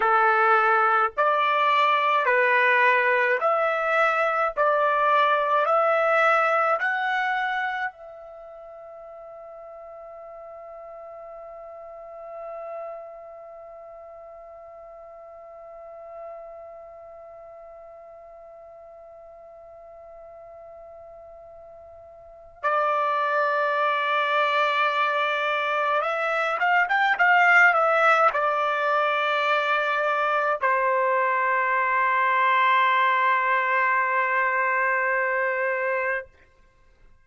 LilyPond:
\new Staff \with { instrumentName = "trumpet" } { \time 4/4 \tempo 4 = 53 a'4 d''4 b'4 e''4 | d''4 e''4 fis''4 e''4~ | e''1~ | e''1~ |
e''1 | d''2. e''8 f''16 g''16 | f''8 e''8 d''2 c''4~ | c''1 | }